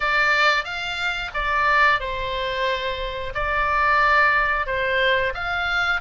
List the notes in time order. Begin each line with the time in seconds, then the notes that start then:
0.00 D5
0.64 F5
1.34 D5
2.00 C5
3.34 D5
4.66 C5
5.34 F5